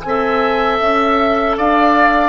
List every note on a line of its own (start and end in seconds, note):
0.00 0.80 C4
0.00 2.29 A4
0.00 0.76 G#5
0.08 1.57 E5
0.80 1.56 C#4
0.80 1.56 E5
1.57 2.29 D4
1.57 2.29 D5
1.57 2.29 F5